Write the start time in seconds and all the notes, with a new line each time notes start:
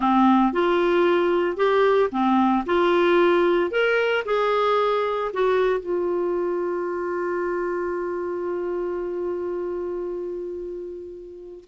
0.00 C4
0.53 F4
1.56 G4
2.11 C4
2.65 F4
3.70 A#4
4.25 G#4
5.33 F#4
5.79 F4